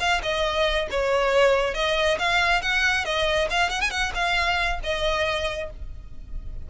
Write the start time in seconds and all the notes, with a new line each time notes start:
0.00 F5
0.23 D#5
0.91 C#5
1.75 D#5
2.19 F5
2.62 F#5
3.05 D#5
3.51 F5
3.70 F#5
3.81 G#5
3.91 F#5
4.15 F5
4.84 D#5